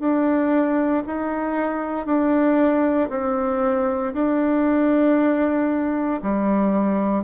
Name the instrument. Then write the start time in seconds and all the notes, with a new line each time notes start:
bassoon
0.00 D4
1.07 D#4
2.06 D4
3.10 C4
4.14 D4
6.23 G3